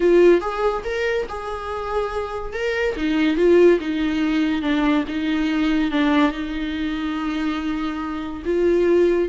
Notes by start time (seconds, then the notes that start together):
0.00 F4
0.40 G#4
0.84 A#4
1.28 G#4
2.53 A#4
2.96 D#4
3.36 F4
3.80 D#4
4.62 D4
5.08 D#4
5.91 D4
6.31 D#4
8.45 F4